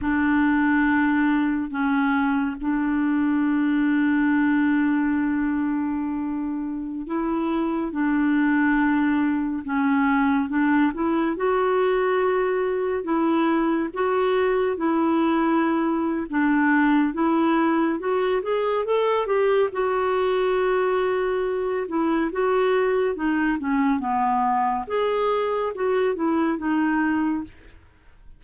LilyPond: \new Staff \with { instrumentName = "clarinet" } { \time 4/4 \tempo 4 = 70 d'2 cis'4 d'4~ | d'1~ | d'16 e'4 d'2 cis'8.~ | cis'16 d'8 e'8 fis'2 e'8.~ |
e'16 fis'4 e'4.~ e'16 d'4 | e'4 fis'8 gis'8 a'8 g'8 fis'4~ | fis'4. e'8 fis'4 dis'8 cis'8 | b4 gis'4 fis'8 e'8 dis'4 | }